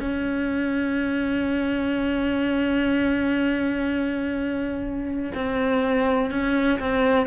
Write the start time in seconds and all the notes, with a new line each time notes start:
0.00 C#4
5.34 C4
6.31 C#4
6.80 C4